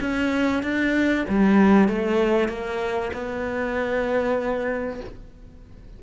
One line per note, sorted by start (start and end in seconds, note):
0.00 0.62 C#4
0.62 1.25 D4
1.28 1.88 G3
1.88 2.48 A3
2.48 3.11 A#3
3.12 5.00 B3